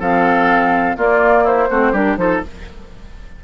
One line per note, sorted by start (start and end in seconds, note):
0.00 0.97 F3
0.00 0.97 C4
0.00 0.97 A4
0.00 0.98 F5
0.97 1.70 A#3
0.97 1.44 F4
0.97 1.47 D5
1.44 1.68 E4
1.44 1.95 C5
1.70 1.93 A3
1.70 1.94 C4
1.70 1.92 F#4
1.92 2.17 G3
1.92 2.17 D4
1.92 2.17 G4
1.92 2.17 A#4
2.17 2.42 F3
2.17 2.41 D#4
2.17 2.44 A4
2.17 2.41 C5